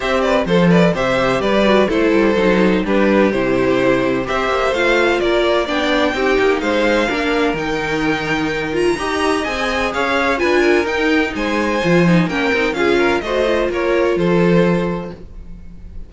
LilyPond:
<<
  \new Staff \with { instrumentName = "violin" } { \time 4/4 \tempo 4 = 127 e''8 d''8 c''8 d''8 e''4 d''4 | c''2 b'4 c''4~ | c''4 e''4 f''4 d''4 | g''2 f''2 |
g''2~ g''8 ais''4. | gis''4 f''4 gis''4 g''4 | gis''2 g''4 f''4 | dis''4 cis''4 c''2 | }
  \new Staff \with { instrumentName = "violin" } { \time 4/4 c''8 b'8 a'8 b'8 c''4 b'4 | a'2 g'2~ | g'4 c''2 ais'4 | d''4 g'4 c''4 ais'4~ |
ais'2. dis''4~ | dis''4 cis''4 b'8 ais'4. | c''2 ais'4 gis'8 ais'8 | c''4 ais'4 a'2 | }
  \new Staff \with { instrumentName = "viola" } { \time 4/4 g'4 a'4 g'4. fis'8 | e'4 dis'4 d'4 e'4~ | e'4 g'4 f'2 | d'4 dis'2 d'4 |
dis'2~ dis'8 f'8 g'4 | gis'2 f'4 dis'4~ | dis'4 f'8 dis'8 cis'8 dis'8 f'4 | fis'8 f'2.~ f'8 | }
  \new Staff \with { instrumentName = "cello" } { \time 4/4 c'4 f4 c4 g4 | a8 g8 fis4 g4 c4~ | c4 c'8 ais8 a4 ais4 | b4 c'8 ais8 gis4 ais4 |
dis2. dis'4 | c'4 cis'4 d'4 dis'4 | gis4 f4 ais8 c'8 cis'4 | a4 ais4 f2 | }
>>